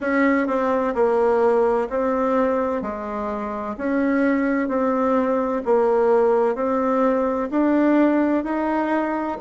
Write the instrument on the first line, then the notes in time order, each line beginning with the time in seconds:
bassoon
0.00 C#4
0.47 C4
0.94 A#3
1.89 C4
2.81 G#3
3.78 C#4
4.68 C4
5.65 A#3
6.55 C4
7.50 D4
8.44 D#4